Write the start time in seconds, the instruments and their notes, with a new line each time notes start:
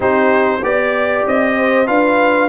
0.00 tuba C4, trombone D#4, horn G4, trumpet C5
0.62 tuba B3, trombone G4, trumpet D5, horn D5
1.26 tuba C4, trumpet D#5
1.56 horn C5
1.86 tuba D4, trombone F4, horn B4, trumpet F5